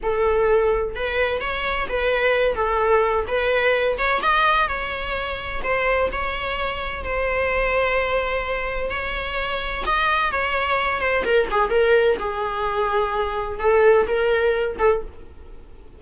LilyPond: \new Staff \with { instrumentName = "viola" } { \time 4/4 \tempo 4 = 128 a'2 b'4 cis''4 | b'4. a'4. b'4~ | b'8 cis''8 dis''4 cis''2 | c''4 cis''2 c''4~ |
c''2. cis''4~ | cis''4 dis''4 cis''4. c''8 | ais'8 gis'8 ais'4 gis'2~ | gis'4 a'4 ais'4. a'8 | }